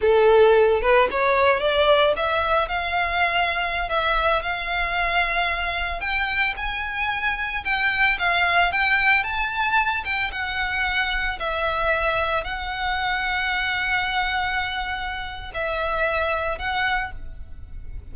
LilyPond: \new Staff \with { instrumentName = "violin" } { \time 4/4 \tempo 4 = 112 a'4. b'8 cis''4 d''4 | e''4 f''2~ f''16 e''8.~ | e''16 f''2. g''8.~ | g''16 gis''2 g''4 f''8.~ |
f''16 g''4 a''4. g''8 fis''8.~ | fis''4~ fis''16 e''2 fis''8.~ | fis''1~ | fis''4 e''2 fis''4 | }